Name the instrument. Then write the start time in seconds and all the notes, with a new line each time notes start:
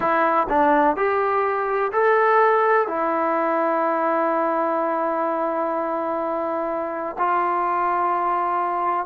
trombone
0.00 E4
0.49 D4
0.96 G4
1.92 A4
2.87 E4
7.18 F4